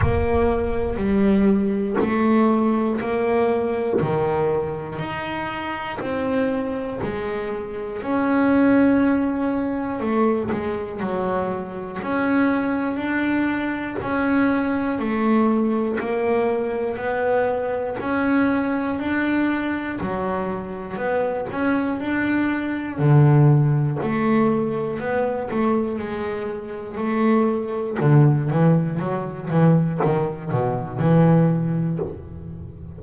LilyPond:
\new Staff \with { instrumentName = "double bass" } { \time 4/4 \tempo 4 = 60 ais4 g4 a4 ais4 | dis4 dis'4 c'4 gis4 | cis'2 a8 gis8 fis4 | cis'4 d'4 cis'4 a4 |
ais4 b4 cis'4 d'4 | fis4 b8 cis'8 d'4 d4 | a4 b8 a8 gis4 a4 | d8 e8 fis8 e8 dis8 b,8 e4 | }